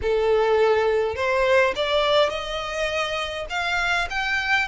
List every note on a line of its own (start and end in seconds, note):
0.02 1.15 A4
1.15 1.73 C5
1.75 2.29 D5
2.29 3.46 D#5
3.50 4.08 F5
4.10 4.68 G5